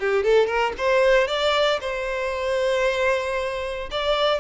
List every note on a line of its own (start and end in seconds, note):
0.00 0.24 G4
0.24 0.47 A4
0.47 0.73 A#4
0.78 1.28 C5
1.28 1.80 D5
1.81 3.90 C5
3.91 4.40 D5